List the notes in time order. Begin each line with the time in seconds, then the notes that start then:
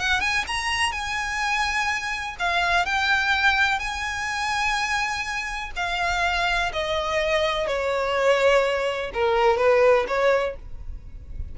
0.00 F#5
0.21 G#5
0.47 A#5
0.92 G#5
2.39 F5
2.86 G5
3.79 G#5
5.76 F5
6.73 D#5
7.68 C#5
9.14 A#4
9.58 B4
10.08 C#5